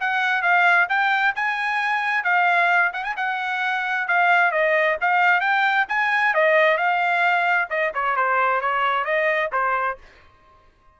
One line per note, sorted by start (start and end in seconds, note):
0.00 0.42 F#5
0.42 0.87 F5
0.89 1.34 G5
1.35 2.24 G#5
2.24 2.92 F5
2.93 3.04 F#5
3.04 3.15 G#5
3.17 4.07 F#5
4.07 4.51 F5
4.51 4.97 D#5
5.01 5.40 F5
5.40 5.86 G5
5.89 6.34 G#5
6.34 6.77 D#5
6.77 7.68 F5
7.69 7.92 D#5
7.94 8.16 C#5
8.16 8.61 C5
8.61 9.04 C#5
9.04 9.50 D#5
9.52 9.98 C5